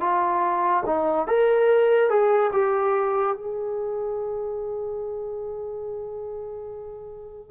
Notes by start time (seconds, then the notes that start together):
0.00 F4
0.86 D#4
1.27 A#4
2.09 G#4
2.52 G4
3.36 G#4